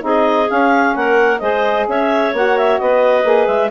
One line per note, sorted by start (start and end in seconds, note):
0.00 0.49 C4
0.00 0.46 D#4
0.00 0.96 G#4
0.06 0.50 D#5
0.47 1.39 C#4
0.47 0.96 C#4
0.47 0.96 F5
0.96 1.41 A#3
0.96 1.41 A#4
0.96 1.39 F#5
1.39 1.87 G#3
1.39 2.33 G#4
1.39 1.87 C5
1.39 1.85 D#5
1.88 2.33 C#4
1.88 2.82 C#5
1.88 2.35 E5
2.33 2.79 A#3
2.33 3.24 F#4
2.33 2.58 F#5
2.58 2.78 E5
2.78 3.24 B3
2.78 3.71 B4
2.78 3.47 D#5
3.24 3.47 A#3
3.24 3.70 G#4
3.47 3.71 G#3
3.47 3.70 E5